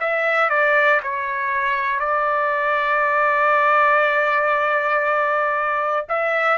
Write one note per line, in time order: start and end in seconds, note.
0.00 0.50 E5
0.50 1.01 D5
1.03 2.00 C#5
2.00 6.06 D5
6.09 6.58 E5